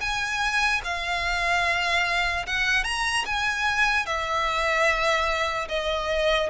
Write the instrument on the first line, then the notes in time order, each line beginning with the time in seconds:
violin
0.00 G#5
0.84 F5
2.46 F#5
2.84 A#5
3.25 G#5
4.06 E5
5.68 D#5